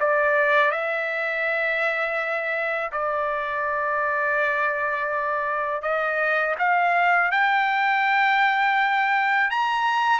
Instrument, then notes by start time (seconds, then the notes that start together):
trumpet
0.00 D5
0.71 E5
2.92 D5
5.82 D#5
6.59 F5
7.31 G5
9.50 A#5